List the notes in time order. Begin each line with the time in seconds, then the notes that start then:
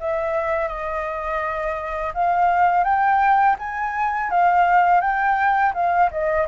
0.00 E5
0.68 D#5
2.14 F5
2.84 G5
3.59 G#5
4.30 F5
5.01 G5
5.74 F5
6.11 D#5